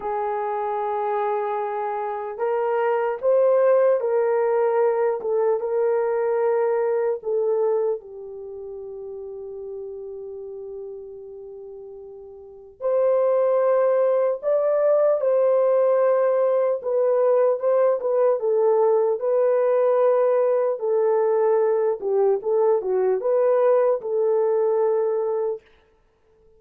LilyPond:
\new Staff \with { instrumentName = "horn" } { \time 4/4 \tempo 4 = 75 gis'2. ais'4 | c''4 ais'4. a'8 ais'4~ | ais'4 a'4 g'2~ | g'1 |
c''2 d''4 c''4~ | c''4 b'4 c''8 b'8 a'4 | b'2 a'4. g'8 | a'8 fis'8 b'4 a'2 | }